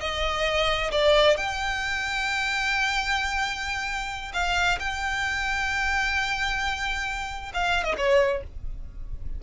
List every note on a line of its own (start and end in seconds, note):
0.00 0.91 D#5
0.91 1.37 D5
1.37 4.32 G5
4.33 4.79 F5
4.80 7.52 G5
7.54 7.84 F5
7.84 7.95 D#5
7.98 8.43 C#5